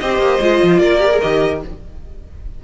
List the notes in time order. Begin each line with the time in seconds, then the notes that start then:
0.00 C4 G4 C5 D#5
0.19 A#3
0.40 G#3 F4
0.64 F3
0.78 A#3 A#4 D5
1.00 G4
1.11 G#4
1.22 D#3 G4 D#5